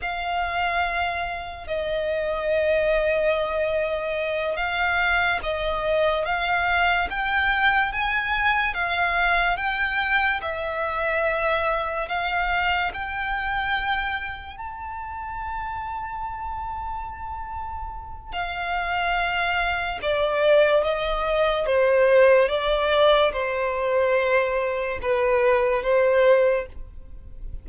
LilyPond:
\new Staff \with { instrumentName = "violin" } { \time 4/4 \tempo 4 = 72 f''2 dis''2~ | dis''4. f''4 dis''4 f''8~ | f''8 g''4 gis''4 f''4 g''8~ | g''8 e''2 f''4 g''8~ |
g''4. a''2~ a''8~ | a''2 f''2 | d''4 dis''4 c''4 d''4 | c''2 b'4 c''4 | }